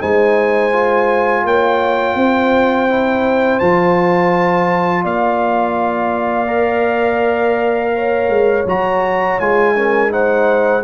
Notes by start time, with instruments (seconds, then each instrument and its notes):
0.00 tuba G#3, trombone D#4, horn C5, trumpet G#5
0.72 trombone F4
1.44 tuba A#3, horn C#5, trumpet G5
2.15 tuba C4, horn C5
2.89 trombone E4
3.59 tuba F3, trombone F4, trumpet A5
5.03 tuba A#3, horn D5, trumpet F5
6.47 trombone A#4
7.95 horn C#5
8.29 tuba G#3
8.66 tuba F#3, trombone F#4, trumpet A#5
9.39 tuba G#3, trombone F4, trumpet G#5
9.76 trombone C#4, horn A#4
10.10 trombone D#4, horn C5, trumpet F#5